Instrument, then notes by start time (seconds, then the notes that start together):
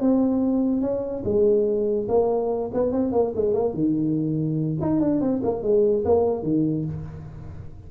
tuba
0.00 C4
0.81 C#4
1.24 G#3
2.08 A#3
2.73 B3
2.92 C4
3.12 A#3
3.35 G#3
3.53 A#3
3.73 D#3
4.80 D#4
5.00 D4
5.20 C4
5.43 A#3
5.62 G#3
6.05 A#3
6.43 D#3